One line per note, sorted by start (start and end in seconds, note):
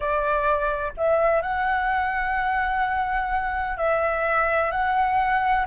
0.00 0.92 D5
0.97 1.42 E5
1.42 3.77 F#5
3.77 4.71 E5
4.71 5.65 F#5